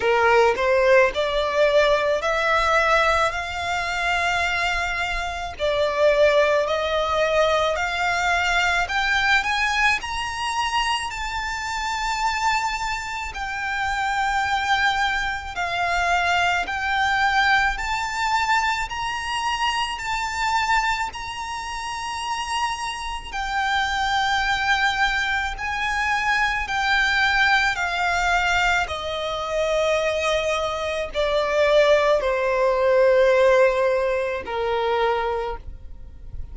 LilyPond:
\new Staff \with { instrumentName = "violin" } { \time 4/4 \tempo 4 = 54 ais'8 c''8 d''4 e''4 f''4~ | f''4 d''4 dis''4 f''4 | g''8 gis''8 ais''4 a''2 | g''2 f''4 g''4 |
a''4 ais''4 a''4 ais''4~ | ais''4 g''2 gis''4 | g''4 f''4 dis''2 | d''4 c''2 ais'4 | }